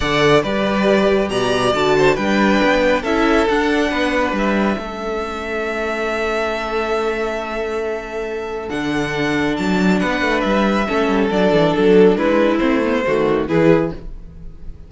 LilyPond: <<
  \new Staff \with { instrumentName = "violin" } { \time 4/4 \tempo 4 = 138 fis''4 d''2 ais''4 | a''4 g''2 e''4 | fis''2 e''2~ | e''1~ |
e''1 | fis''2 a''4 fis''4 | e''2 d''4 a'4 | b'4 c''2 b'4 | }
  \new Staff \with { instrumentName = "violin" } { \time 4/4 d''4 b'2 d''4~ | d''8 c''8 b'2 a'4~ | a'4 b'2 a'4~ | a'1~ |
a'1~ | a'2. b'4~ | b'4 a'2. | e'2 fis'4 gis'4 | }
  \new Staff \with { instrumentName = "viola" } { \time 4/4 a'4 g'2. | fis'4 d'2 e'4 | d'2. cis'4~ | cis'1~ |
cis'1 | d'1~ | d'4 cis'4 d'2~ | d'4 c'8 b8 a4 e'4 | }
  \new Staff \with { instrumentName = "cello" } { \time 4/4 d4 g2 b,4 | d4 g4 b4 cis'4 | d'4 b4 g4 a4~ | a1~ |
a1 | d2 fis4 b8 a8 | g4 a8 g8 fis8 e8 fis4 | gis4 a4 dis4 e4 | }
>>